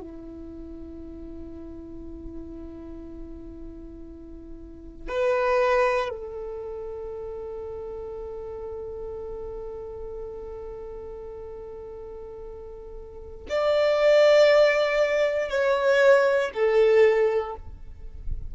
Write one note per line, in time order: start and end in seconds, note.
0.00 5.08 E4
5.08 6.09 B4
6.09 13.46 A4
13.49 15.49 D5
15.49 16.51 C#5
16.53 17.55 A4